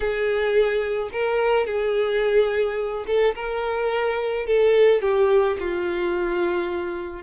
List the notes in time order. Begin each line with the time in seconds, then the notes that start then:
0.00 G#4
1.12 A#4
1.66 G#4
3.07 A4
3.35 A#4
4.46 A4
5.01 G4
5.59 F4